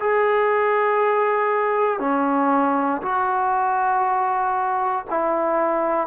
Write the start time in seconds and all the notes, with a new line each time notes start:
0.00 G#4
2.00 C#4
3.02 F#4
5.10 E4